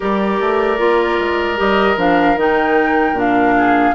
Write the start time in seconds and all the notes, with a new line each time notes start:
0.00 G3 G4 A#4 D5
0.40 A3
0.77 A#3 F4
1.19 G#3
1.57 G3 G4 D#5
1.96 F3 D4 F5
2.36 D#3 D#4 G5
3.12 A#2 D4
3.19 F5
3.57 G#4